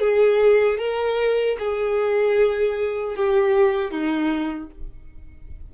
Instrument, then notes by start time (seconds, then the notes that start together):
violin
0.00 G#4
0.79 A#4
1.59 G#4
3.16 G4
3.91 D#4